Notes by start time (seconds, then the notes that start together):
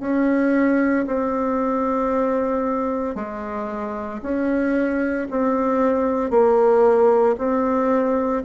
0.00 C#4
1.06 C4
3.15 G#3
4.22 C#4
5.30 C4
6.30 A#3
7.38 C4